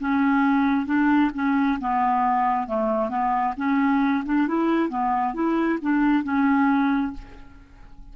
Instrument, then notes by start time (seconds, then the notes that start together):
clarinet
0.00 C#4
0.86 D4
1.34 C#4
1.80 B3
2.67 A3
3.09 B3
3.57 C#4
4.25 D4
4.48 E4
4.90 B3
5.34 E4
5.82 D4
6.24 C#4